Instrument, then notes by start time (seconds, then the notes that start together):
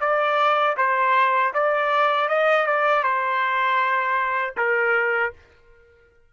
trumpet
0.00 D5
0.77 C5
1.54 D5
2.29 D#5
2.66 D5
3.03 C5
4.57 A#4